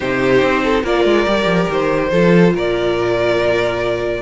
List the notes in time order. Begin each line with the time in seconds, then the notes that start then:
0.00 C3 D#4 G4 C5
0.42 C4
0.63 A4
0.83 A#3 F4 A#4 D5
1.04 G#3
1.26 G3 G4
1.45 F3
1.69 D#3 C5
2.11 F3 F4 A4
2.53 A#2 A#4 D5